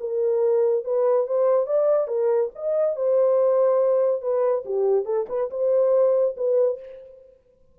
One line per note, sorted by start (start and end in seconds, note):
0.00 0.85 A#4
0.85 1.27 B4
1.27 1.67 C5
1.67 2.08 D5
2.08 2.50 A#4
2.55 2.96 D#5
2.96 4.22 C5
4.22 4.64 B4
4.65 5.05 G4
5.05 5.26 A4
5.29 5.50 B4
5.50 6.36 C5
6.37 6.79 B4